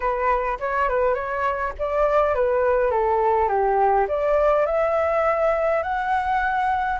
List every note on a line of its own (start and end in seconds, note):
0.00 0.58 B4
0.59 0.88 C#5
0.88 1.14 B4
1.14 1.72 C#5
1.78 2.35 D5
2.35 2.90 B4
2.90 3.48 A4
3.48 4.06 G4
4.08 4.66 D5
4.66 5.82 E5
5.83 6.99 F#5